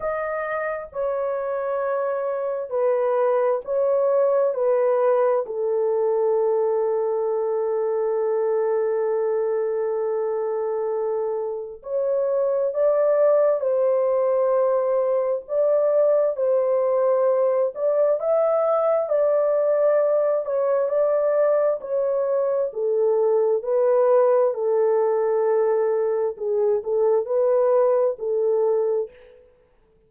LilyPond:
\new Staff \with { instrumentName = "horn" } { \time 4/4 \tempo 4 = 66 dis''4 cis''2 b'4 | cis''4 b'4 a'2~ | a'1~ | a'4 cis''4 d''4 c''4~ |
c''4 d''4 c''4. d''8 | e''4 d''4. cis''8 d''4 | cis''4 a'4 b'4 a'4~ | a'4 gis'8 a'8 b'4 a'4 | }